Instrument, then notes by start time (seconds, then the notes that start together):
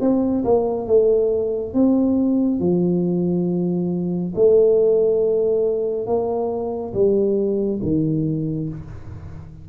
tuba
0.00 C4
0.44 A#3
0.87 A3
1.74 C4
2.60 F3
4.35 A3
6.06 A#3
6.93 G3
7.82 D#3